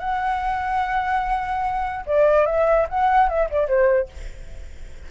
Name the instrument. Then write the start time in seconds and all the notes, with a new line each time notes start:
flute
0.00 F#5
2.06 D5
2.46 E5
2.89 F#5
3.29 E5
3.51 D5
3.69 C5